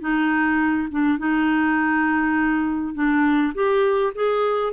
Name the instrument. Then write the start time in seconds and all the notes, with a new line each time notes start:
clarinet
0.00 D#4
0.90 D4
1.18 D#4
2.94 D4
3.54 G4
4.14 G#4